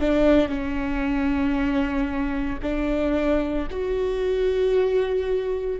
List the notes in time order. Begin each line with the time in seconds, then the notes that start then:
0.00 D4
0.48 C#4
2.62 D4
3.70 F#4